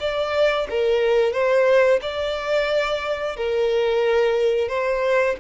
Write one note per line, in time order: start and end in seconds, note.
0.00 0.67 D5
0.70 1.33 A#4
1.33 2.00 C5
2.02 3.36 D5
3.36 4.69 A#4
4.69 5.36 C5